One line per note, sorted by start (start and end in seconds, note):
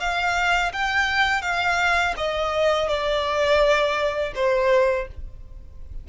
0.00 0.72 F5
0.73 1.42 G5
1.42 2.14 F5
2.17 2.88 D#5
2.88 4.33 D5
4.35 5.08 C5